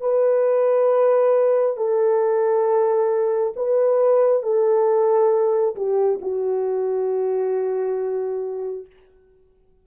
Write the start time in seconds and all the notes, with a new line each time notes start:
0.00 B4
1.76 A4
3.56 B4
4.42 A4
5.75 G4
6.21 F#4